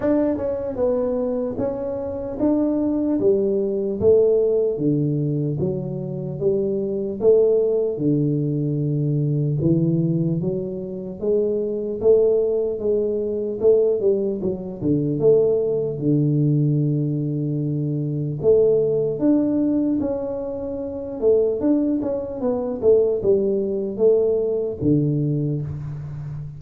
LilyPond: \new Staff \with { instrumentName = "tuba" } { \time 4/4 \tempo 4 = 75 d'8 cis'8 b4 cis'4 d'4 | g4 a4 d4 fis4 | g4 a4 d2 | e4 fis4 gis4 a4 |
gis4 a8 g8 fis8 d8 a4 | d2. a4 | d'4 cis'4. a8 d'8 cis'8 | b8 a8 g4 a4 d4 | }